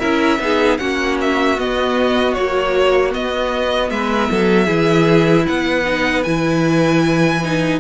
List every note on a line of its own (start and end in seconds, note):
0.00 0.40 C#4
0.00 0.39 E4
0.00 0.39 A#4
0.00 0.78 E5
0.40 0.79 B3
0.40 0.79 D#4
0.40 0.81 G#4
0.78 1.59 A#3
0.78 1.57 C#4
0.78 3.92 F#4
0.78 1.17 F#5
1.21 1.60 E5
1.59 2.37 B3
1.59 2.34 D#5
2.34 3.12 F#3
2.34 3.15 A#3
2.34 3.12 C#5
3.12 4.67 B3
3.12 3.91 B3
3.12 3.91 D#5
3.91 4.30 G#3
3.91 4.31 B4
3.91 5.46 E5
4.31 4.69 F#3
4.31 4.66 A4
4.66 5.46 E3
4.66 5.84 E4
4.66 5.44 G#4
5.46 6.26 B3
5.46 7.80 B4
5.46 6.24 F#5
5.86 6.25 D#4
6.24 7.80 E3
6.24 7.43 E4
6.24 7.80 G#5
7.44 7.80 D#4